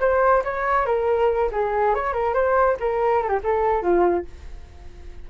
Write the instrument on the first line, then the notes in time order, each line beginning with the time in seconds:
flute
0.00 C5
0.44 C#5
0.86 A#4
1.52 G#4
1.95 C#5
2.13 A#4
2.34 C5
2.80 A#4
3.23 G4 A4
3.43 A4
3.82 F4